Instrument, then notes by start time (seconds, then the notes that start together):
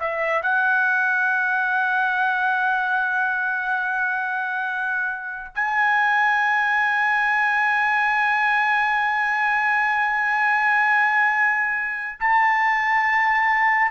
trumpet
0.00 E5
0.42 F#5
5.55 G#5
12.20 A5